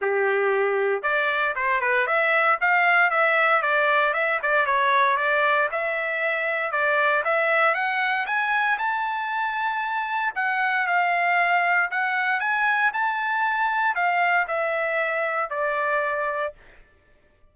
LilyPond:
\new Staff \with { instrumentName = "trumpet" } { \time 4/4 \tempo 4 = 116 g'2 d''4 c''8 b'8 | e''4 f''4 e''4 d''4 | e''8 d''8 cis''4 d''4 e''4~ | e''4 d''4 e''4 fis''4 |
gis''4 a''2. | fis''4 f''2 fis''4 | gis''4 a''2 f''4 | e''2 d''2 | }